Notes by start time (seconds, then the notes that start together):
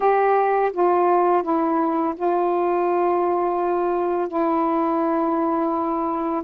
0.00 G4
0.72 F4
1.43 E4
2.16 F4
4.28 E4